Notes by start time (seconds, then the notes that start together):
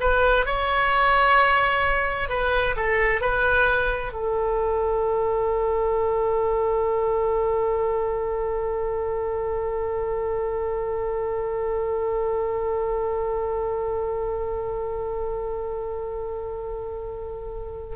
0.00 B4
0.46 C#5
2.29 B4
2.76 A4
3.21 B4
4.13 A4